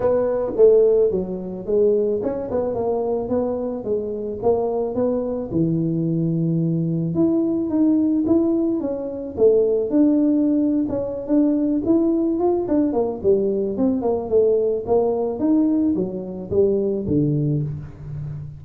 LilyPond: \new Staff \with { instrumentName = "tuba" } { \time 4/4 \tempo 4 = 109 b4 a4 fis4 gis4 | cis'8 b8 ais4 b4 gis4 | ais4 b4 e2~ | e4 e'4 dis'4 e'4 |
cis'4 a4 d'4.~ d'16 cis'16~ | cis'8 d'4 e'4 f'8 d'8 ais8 | g4 c'8 ais8 a4 ais4 | dis'4 fis4 g4 d4 | }